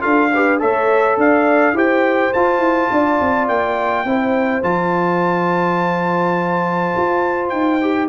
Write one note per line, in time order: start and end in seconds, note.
0.00 0.62 D4
0.00 0.29 F4
0.00 0.30 A4
0.00 0.59 F5
0.33 0.59 G4
0.33 0.60 B4
0.59 1.16 A3
0.59 1.74 A4
0.59 1.18 C#5
0.59 1.19 E5
1.16 1.73 D4
1.16 1.75 D5
1.16 1.77 F5
1.73 2.31 E4
1.73 2.32 G4
1.73 2.91 C5
1.73 2.33 G5
2.33 2.59 F4
2.33 4.06 F4
2.33 3.48 A5
2.59 2.87 E4
2.91 3.20 D4
2.91 4.06 D5
3.20 3.49 C4
3.48 4.05 A#3
3.48 4.63 G5
4.05 4.62 C4
4.05 4.63 E4
4.05 8.08 C5
4.63 6.94 F3
4.63 7.80 F4
4.63 7.49 A5
6.96 7.52 F4
7.49 8.08 D#4
7.49 8.07 G5
7.81 8.08 G4